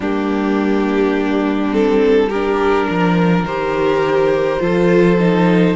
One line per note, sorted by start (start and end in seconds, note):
0.00 2.88 G3
0.00 1.70 A#3
0.00 2.29 D4
0.00 1.73 G4
1.70 2.28 C4
1.70 2.29 A4
2.29 3.47 D4
2.29 2.87 G4
2.29 3.44 A#4
2.88 3.43 F3
2.88 4.62 A#4
3.43 4.58 D#3
3.43 4.59 G4
3.43 5.75 C5
4.59 5.75 F3
4.59 5.16 F4
4.59 5.75 A4
5.19 5.75 D#4